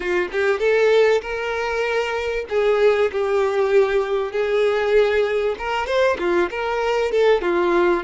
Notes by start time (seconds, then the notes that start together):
0.00 F4
0.31 G4
0.59 A4
1.21 A#4
2.49 G#4
3.12 G4
4.32 G#4
5.58 A#4
5.86 C5
6.19 F4
6.50 A#4
7.11 A4
7.41 F4